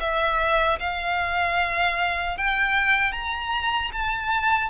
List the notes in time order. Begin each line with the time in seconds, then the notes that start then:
0.00 E5
0.80 F5
2.38 G5
3.12 A#5
3.93 A5